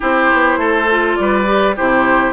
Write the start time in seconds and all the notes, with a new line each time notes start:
0.00 C4 E4 G4 C5
0.32 B3
0.57 A3 A4
0.90 F4
1.15 G3 D5
1.21 B4
1.46 G4
1.76 C3 E4 G4 C5